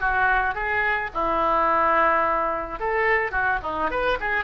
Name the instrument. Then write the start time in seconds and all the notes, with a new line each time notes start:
oboe
0.00 F#4
0.54 G#4
1.14 E4
2.79 A4
3.31 F#4
3.62 D#4
3.90 B4
4.20 G#4